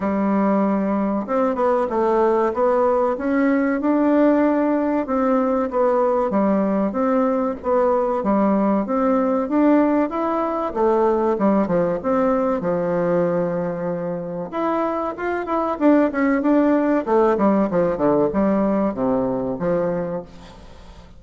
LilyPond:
\new Staff \with { instrumentName = "bassoon" } { \time 4/4 \tempo 4 = 95 g2 c'8 b8 a4 | b4 cis'4 d'2 | c'4 b4 g4 c'4 | b4 g4 c'4 d'4 |
e'4 a4 g8 f8 c'4 | f2. e'4 | f'8 e'8 d'8 cis'8 d'4 a8 g8 | f8 d8 g4 c4 f4 | }